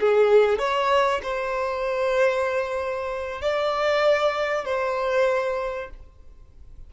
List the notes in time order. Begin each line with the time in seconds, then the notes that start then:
0.00 G#4
0.59 C#5
1.23 C5
3.41 D5
4.65 C5